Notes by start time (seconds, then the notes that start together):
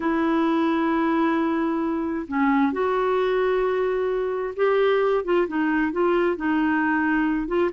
0.00 E4
2.27 C#4
2.72 F#4
4.56 G4
5.24 F4
5.47 D#4
5.92 F4
6.36 D#4
7.47 F4